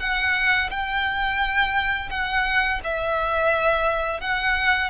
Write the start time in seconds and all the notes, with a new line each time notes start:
0.00 F#5
0.70 G5
2.10 F#5
2.84 E5
4.21 F#5